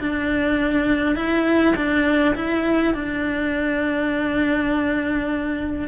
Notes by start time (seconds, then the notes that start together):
0.00 D4
1.16 E4
1.76 D4
2.35 E4
2.94 D4